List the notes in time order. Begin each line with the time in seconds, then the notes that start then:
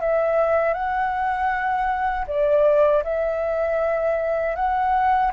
0.00 E5
0.73 F#5
2.27 D5
3.03 E5
4.55 F#5